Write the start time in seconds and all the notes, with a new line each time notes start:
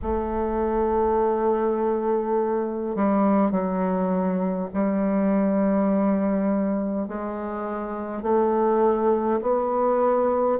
0.02 A3
2.95 G3
3.51 F#3
4.73 G3
7.07 G#3
8.22 A3
9.41 B3